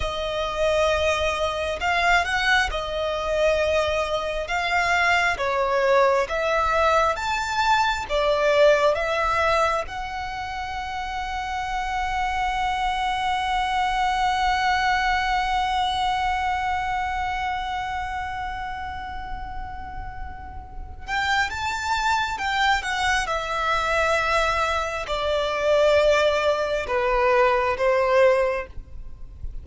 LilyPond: \new Staff \with { instrumentName = "violin" } { \time 4/4 \tempo 4 = 67 dis''2 f''8 fis''8 dis''4~ | dis''4 f''4 cis''4 e''4 | a''4 d''4 e''4 fis''4~ | fis''1~ |
fis''1~ | fis''2.~ fis''8 g''8 | a''4 g''8 fis''8 e''2 | d''2 b'4 c''4 | }